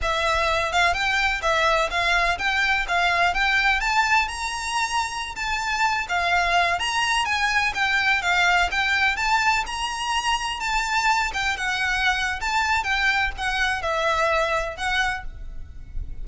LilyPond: \new Staff \with { instrumentName = "violin" } { \time 4/4 \tempo 4 = 126 e''4. f''8 g''4 e''4 | f''4 g''4 f''4 g''4 | a''4 ais''2~ ais''16 a''8.~ | a''8. f''4. ais''4 gis''8.~ |
gis''16 g''4 f''4 g''4 a''8.~ | a''16 ais''2 a''4. g''16~ | g''16 fis''4.~ fis''16 a''4 g''4 | fis''4 e''2 fis''4 | }